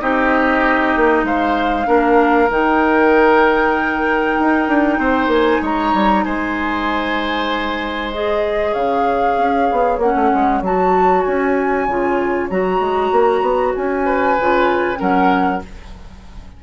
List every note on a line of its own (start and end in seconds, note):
0.00 0.95 C4
0.00 1.85 D#4
0.00 1.26 G4
0.00 1.25 D#5
0.96 1.23 A#3
1.23 1.85 G#3
1.23 1.87 C5
1.23 2.50 F5
1.85 2.49 A#3
1.85 2.48 D4
1.85 4.99 A#4
2.49 4.37 D#3
2.49 8.13 D#4
2.49 5.31 G5
4.39 4.68 D#4
4.68 4.98 D4
4.98 5.27 C4
4.98 5.61 C5
5.27 5.58 A#3
5.27 5.62 G#5
5.61 5.93 G#3
5.61 6.24 C#5
5.61 6.24 A#5
5.93 6.25 G3
6.24 8.75 G#3
6.24 8.71 C5
6.24 8.11 G#5
8.12 10.01 G#4
8.12 8.73 D#5
8.71 9.37 C#3
8.71 14.02 C#5
8.71 9.98 F5
9.37 9.68 C#4
9.71 9.97 B3
9.97 10.13 A#3
9.97 10.64 C#4
9.97 10.61 F#5
10.15 10.31 A3
10.33 10.61 G#3
10.61 11.24 F#3
10.61 11.88 F#4
10.61 11.22 A5
11.22 11.88 C#4
11.22 12.47 G#5
11.88 12.50 C#3
11.88 12.50 F4
12.49 12.79 F#3
12.49 14.37 F#4
12.49 13.74 A#5
12.79 13.11 G#3
13.11 13.41 A#3
13.41 13.72 B3
13.75 14.38 C#4
13.75 14.99 G#5
14.05 14.99 B4
14.38 15.00 C#3
14.38 14.96 F4
14.96 15.63 F#3
14.96 15.58 C#4
14.96 15.62 A#4
14.96 15.62 F#5